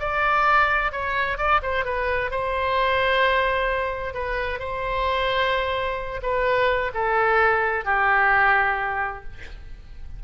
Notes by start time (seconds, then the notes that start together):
0.00 D5
0.92 C#5
1.38 D5
1.63 C5
1.85 B4
2.31 C5
4.14 B4
4.59 C5
6.23 B4
6.94 A4
7.85 G4